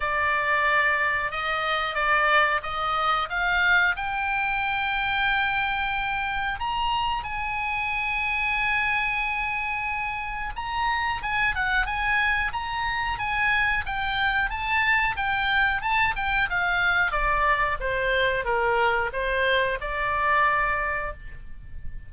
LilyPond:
\new Staff \with { instrumentName = "oboe" } { \time 4/4 \tempo 4 = 91 d''2 dis''4 d''4 | dis''4 f''4 g''2~ | g''2 ais''4 gis''4~ | gis''1 |
ais''4 gis''8 fis''8 gis''4 ais''4 | gis''4 g''4 a''4 g''4 | a''8 g''8 f''4 d''4 c''4 | ais'4 c''4 d''2 | }